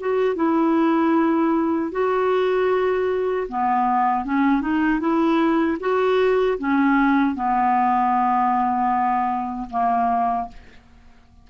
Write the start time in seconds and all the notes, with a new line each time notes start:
0.00 F#4
0.36 E4
1.92 F#4
3.49 B3
4.25 C#4
4.62 D#4
5.00 E4
5.80 F#4
6.58 C#4
7.35 B3
9.70 A#3